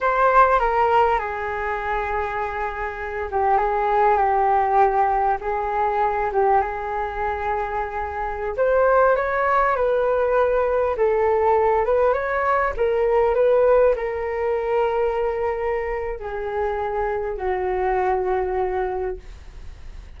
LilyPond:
\new Staff \with { instrumentName = "flute" } { \time 4/4 \tempo 4 = 100 c''4 ais'4 gis'2~ | gis'4. g'8 gis'4 g'4~ | g'4 gis'4. g'8 gis'4~ | gis'2~ gis'16 c''4 cis''8.~ |
cis''16 b'2 a'4. b'16~ | b'16 cis''4 ais'4 b'4 ais'8.~ | ais'2. gis'4~ | gis'4 fis'2. | }